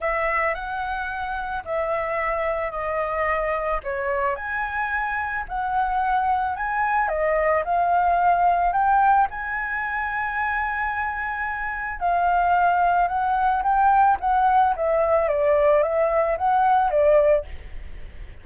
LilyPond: \new Staff \with { instrumentName = "flute" } { \time 4/4 \tempo 4 = 110 e''4 fis''2 e''4~ | e''4 dis''2 cis''4 | gis''2 fis''2 | gis''4 dis''4 f''2 |
g''4 gis''2.~ | gis''2 f''2 | fis''4 g''4 fis''4 e''4 | d''4 e''4 fis''4 d''4 | }